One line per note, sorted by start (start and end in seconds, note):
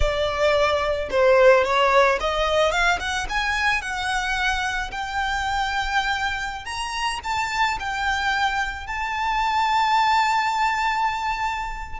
0.00 1.09 D5
1.10 1.64 C5
1.64 2.18 C#5
2.20 2.71 D#5
2.71 2.99 F5
2.99 3.26 F#5
3.29 3.81 G#5
3.81 4.90 F#5
4.91 6.65 G5
6.65 7.19 A#5
7.23 7.78 A5
7.79 8.87 G5
8.87 11.99 A5